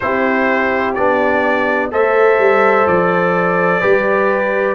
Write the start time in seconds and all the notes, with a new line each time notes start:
0.00 C4 E4 G4 C5
0.94 B3 D4 D5
1.91 A3 A4 C5 E5
2.38 G3
2.87 F3 D5
3.81 G3 G4 B4